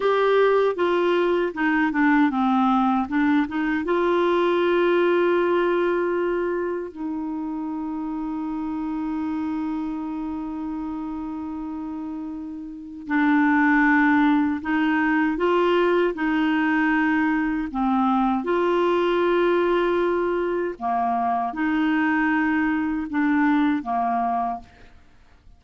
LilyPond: \new Staff \with { instrumentName = "clarinet" } { \time 4/4 \tempo 4 = 78 g'4 f'4 dis'8 d'8 c'4 | d'8 dis'8 f'2.~ | f'4 dis'2.~ | dis'1~ |
dis'4 d'2 dis'4 | f'4 dis'2 c'4 | f'2. ais4 | dis'2 d'4 ais4 | }